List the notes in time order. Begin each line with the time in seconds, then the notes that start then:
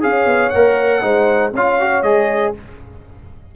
0.00 C#4 G#4 C#5 F5
0.25 B3
0.49 A#3 A#4 F#5
1.01 G#3 D#4 C5
1.53 C#4 F4 C#5 F5
1.80 F#4
2.02 G#3 G#4 D#5